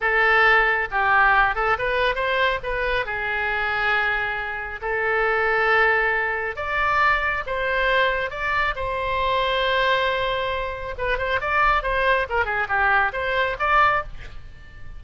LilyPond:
\new Staff \with { instrumentName = "oboe" } { \time 4/4 \tempo 4 = 137 a'2 g'4. a'8 | b'4 c''4 b'4 gis'4~ | gis'2. a'4~ | a'2. d''4~ |
d''4 c''2 d''4 | c''1~ | c''4 b'8 c''8 d''4 c''4 | ais'8 gis'8 g'4 c''4 d''4 | }